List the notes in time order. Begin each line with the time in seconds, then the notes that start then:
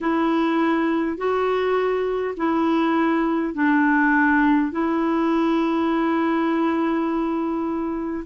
0.00 E4
1.17 F#4
2.36 E4
3.53 D4
4.71 E4